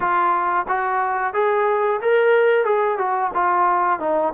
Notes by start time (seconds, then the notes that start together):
0.00 F4
0.68 F#4
1.33 G#4
2.01 A#4
2.65 G#4
2.98 F#4
3.34 F4
3.99 D#4